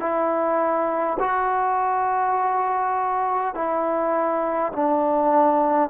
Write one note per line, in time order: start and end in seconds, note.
0.00 1.18 E4
1.19 3.55 F#4
3.55 4.72 E4
4.73 5.90 D4